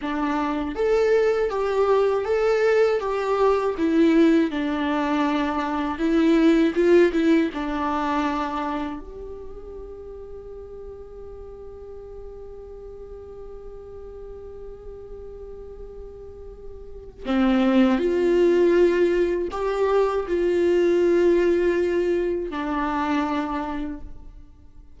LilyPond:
\new Staff \with { instrumentName = "viola" } { \time 4/4 \tempo 4 = 80 d'4 a'4 g'4 a'4 | g'4 e'4 d'2 | e'4 f'8 e'8 d'2 | g'1~ |
g'1~ | g'2. c'4 | f'2 g'4 f'4~ | f'2 d'2 | }